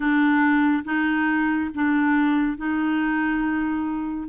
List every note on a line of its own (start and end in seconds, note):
0.00 0.83 D4
0.84 1.70 D#4
1.74 2.57 D4
2.57 4.28 D#4